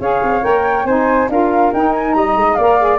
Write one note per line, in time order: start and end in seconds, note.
0.00 0.21 C#4
0.00 0.42 G#4
0.00 0.86 C#5
0.00 0.44 F5
0.22 0.43 C4
0.42 0.84 A#3
0.42 0.85 A#4
0.42 0.86 G5
0.84 1.27 C4
0.84 1.30 D#4
0.84 1.29 C5
0.84 1.29 G#5
1.28 1.71 D4
1.28 1.73 F4
1.28 2.16 A#4
1.28 1.73 F5
1.73 2.15 D#4
1.73 2.60 D#4
1.73 1.93 G5
1.93 2.13 G#5
2.13 2.36 G3
2.13 2.57 D#5
2.13 2.54 A#5
2.36 2.57 G#3
2.54 2.98 A#3
2.54 2.98 D5
2.54 2.97 F5
2.61 2.79 A#4
2.79 2.98 G#4